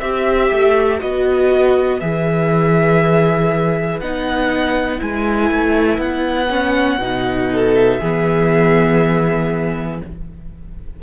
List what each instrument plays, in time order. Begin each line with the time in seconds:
0.00 cello C4, viola G4, violin E5
0.52 cello A3
0.99 cello B3, viola F#4, violin B4 D#5
2.01 cello E3, viola G#4, violin E5
4.00 cello B3, viola D#4, violin F#5
4.99 cello G#3, viola E4, violin G#5
5.51 cello A3
5.98 cello B3, violin F#5
6.50 viola C#4
7.00 cello B2, viola D#4
7.53 violin A4
7.75 violin E5
8.01 cello E3, viola B3, violin G#4